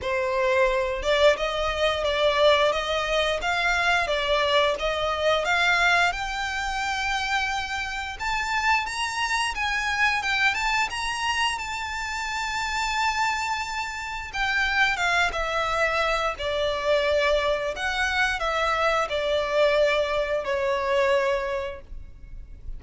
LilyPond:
\new Staff \with { instrumentName = "violin" } { \time 4/4 \tempo 4 = 88 c''4. d''8 dis''4 d''4 | dis''4 f''4 d''4 dis''4 | f''4 g''2. | a''4 ais''4 gis''4 g''8 a''8 |
ais''4 a''2.~ | a''4 g''4 f''8 e''4. | d''2 fis''4 e''4 | d''2 cis''2 | }